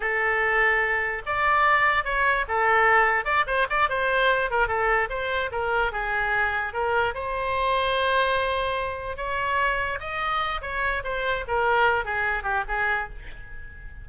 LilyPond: \new Staff \with { instrumentName = "oboe" } { \time 4/4 \tempo 4 = 147 a'2. d''4~ | d''4 cis''4 a'2 | d''8 c''8 d''8 c''4. ais'8 a'8~ | a'8 c''4 ais'4 gis'4.~ |
gis'8 ais'4 c''2~ c''8~ | c''2~ c''8 cis''4.~ | cis''8 dis''4. cis''4 c''4 | ais'4. gis'4 g'8 gis'4 | }